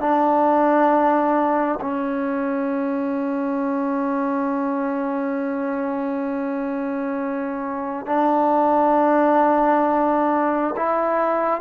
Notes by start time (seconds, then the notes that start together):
0.00 D4
1.81 C#4
8.06 D4
10.76 E4